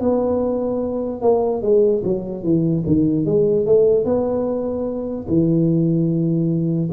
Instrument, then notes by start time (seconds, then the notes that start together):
tuba
0.00 B3
1.22 A#3
1.62 G#3
2.04 F#3
2.43 E3
2.86 D#3
3.25 G#3
3.66 A3
4.05 B3
5.28 E3